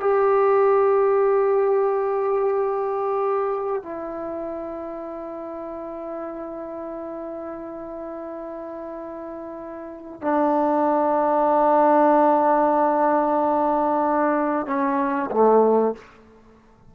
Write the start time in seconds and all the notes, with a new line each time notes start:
0.00 G4
3.83 E4
10.21 D4
14.66 C#4
15.31 A3